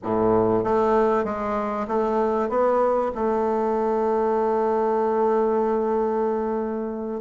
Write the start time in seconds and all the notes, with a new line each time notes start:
0.03 A2
0.64 A3
1.24 G#3
1.87 A3
2.49 B3
3.14 A3